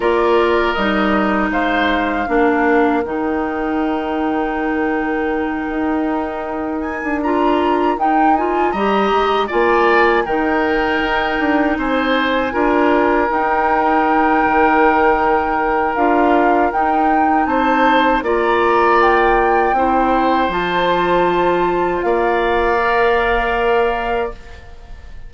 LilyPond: <<
  \new Staff \with { instrumentName = "flute" } { \time 4/4 \tempo 4 = 79 d''4 dis''4 f''2 | g''1~ | g''4 gis''8 ais''4 g''8 gis''8 ais''8~ | ais''8 gis''4 g''2 gis''8~ |
gis''4. g''2~ g''8~ | g''4 f''4 g''4 a''4 | ais''4 g''2 a''4~ | a''4 f''2. | }
  \new Staff \with { instrumentName = "oboe" } { \time 4/4 ais'2 c''4 ais'4~ | ais'1~ | ais'2.~ ais'8 dis''8~ | dis''8 d''4 ais'2 c''8~ |
c''8 ais'2.~ ais'8~ | ais'2. c''4 | d''2 c''2~ | c''4 d''2. | }
  \new Staff \with { instrumentName = "clarinet" } { \time 4/4 f'4 dis'2 d'4 | dis'1~ | dis'4. f'4 dis'8 f'8 g'8~ | g'8 f'4 dis'2~ dis'8~ |
dis'8 f'4 dis'2~ dis'8~ | dis'4 f'4 dis'2 | f'2 e'4 f'4~ | f'2 ais'2 | }
  \new Staff \with { instrumentName = "bassoon" } { \time 4/4 ais4 g4 gis4 ais4 | dis2.~ dis8 dis'8~ | dis'4~ dis'16 d'4~ d'16 dis'4 g8 | gis8 ais4 dis4 dis'8 d'8 c'8~ |
c'8 d'4 dis'4. dis4~ | dis4 d'4 dis'4 c'4 | ais2 c'4 f4~ | f4 ais2. | }
>>